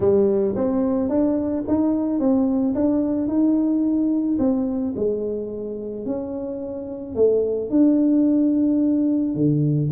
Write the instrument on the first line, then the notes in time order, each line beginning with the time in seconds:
tuba
0.00 G3
0.55 C4
1.09 D4
1.67 D#4
2.19 C4
2.74 D4
3.27 D#4
4.39 C4
4.95 G#3
6.05 C#4
7.15 A3
7.69 D4
9.35 D3